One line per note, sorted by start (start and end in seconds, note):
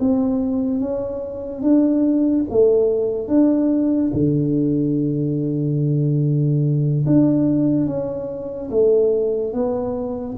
0.00 0.81 C4
0.81 1.62 C#4
1.62 2.46 D4
2.50 3.28 A3
3.28 4.12 D4
4.14 7.06 D3
7.06 7.87 D4
7.87 8.70 C#4
8.71 9.53 A3
9.53 10.37 B3